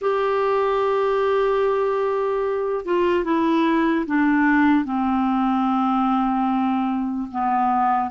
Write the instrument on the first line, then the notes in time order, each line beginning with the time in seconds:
clarinet
0.01 G4
2.85 F4
3.24 E4
4.06 D4
4.84 C4
7.31 B3